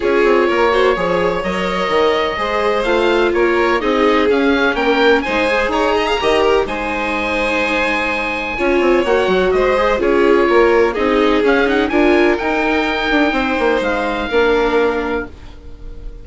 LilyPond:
<<
  \new Staff \with { instrumentName = "oboe" } { \time 4/4 \tempo 4 = 126 cis''2. dis''4~ | dis''2 f''4 cis''4 | dis''4 f''4 g''4 gis''4 | ais''2 gis''2~ |
gis''2. fis''4 | dis''4 cis''2 dis''4 | f''8 fis''8 gis''4 g''2~ | g''4 f''2. | }
  \new Staff \with { instrumentName = "violin" } { \time 4/4 gis'4 ais'8 c''8 cis''2~ | cis''4 c''2 ais'4 | gis'2 ais'4 c''4 | cis''8 dis''16 f''16 dis''8 ais'8 c''2~ |
c''2 cis''2 | c''4 gis'4 ais'4 gis'4~ | gis'4 ais'2. | c''2 ais'2 | }
  \new Staff \with { instrumentName = "viola" } { \time 4/4 f'4. fis'8 gis'4 ais'4~ | ais'4 gis'4 f'2 | dis'4 cis'2 dis'8 gis'8~ | gis'4 g'4 dis'2~ |
dis'2 f'4 fis'4~ | fis'8 gis'8 f'2 dis'4 | cis'8 dis'8 f'4 dis'2~ | dis'2 d'2 | }
  \new Staff \with { instrumentName = "bassoon" } { \time 4/4 cis'8 c'8 ais4 f4 fis4 | dis4 gis4 a4 ais4 | c'4 cis'4 ais4 gis4 | dis'4 dis4 gis2~ |
gis2 cis'8 c'8 ais8 fis8 | gis4 cis'4 ais4 c'4 | cis'4 d'4 dis'4. d'8 | c'8 ais8 gis4 ais2 | }
>>